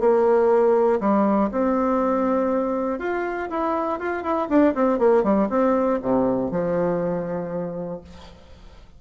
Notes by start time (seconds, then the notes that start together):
0.00 A#3
1.00 G3
1.52 C4
2.99 F4
3.50 E4
4.00 F4
4.23 E4
4.49 D4
4.75 C4
4.99 A#3
5.24 G3
5.50 C4
6.02 C3
6.51 F3